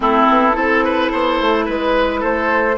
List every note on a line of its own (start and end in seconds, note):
0.00 0.27 A3
0.00 0.52 C4
0.00 0.56 E4
0.00 1.68 A4
0.28 0.55 B3
0.52 1.11 C4
0.52 2.74 E4
0.52 0.84 A4
0.84 1.11 B4
1.11 1.40 B3
1.11 1.65 C5
1.40 1.68 A3
1.65 2.23 G#3
1.65 2.20 B4
1.65 2.23 B4
2.20 2.77 A3
2.20 2.75 A4
2.20 2.77 C5